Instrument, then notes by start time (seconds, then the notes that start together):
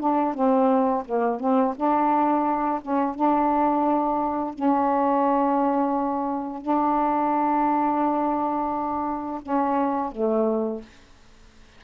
saxophone
0.00 D4
0.34 C4
1.05 A#3
1.40 C4
1.76 D4
2.81 C#4
3.15 D4
4.54 C#4
6.62 D4
9.42 C#4
10.12 A3